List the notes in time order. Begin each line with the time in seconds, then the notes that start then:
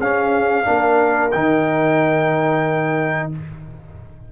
0.00 C#4 G#4 F5
0.65 A#3 D4 A#4
1.32 D#3 D#4 G5